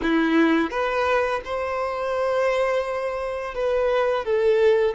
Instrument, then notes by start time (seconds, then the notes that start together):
violin
0.02 E4
0.70 B4
1.44 C5
3.54 B4
4.24 A4